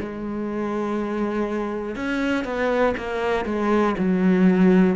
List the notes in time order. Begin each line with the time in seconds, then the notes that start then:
0.00 G#3
1.96 C#4
2.45 B3
2.97 A#3
3.46 G#3
3.98 F#3